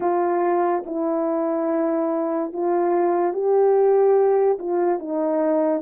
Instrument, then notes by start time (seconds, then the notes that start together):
horn
0.00 F4
0.86 E4
2.52 F4
3.33 G4
4.58 F4
4.99 D#4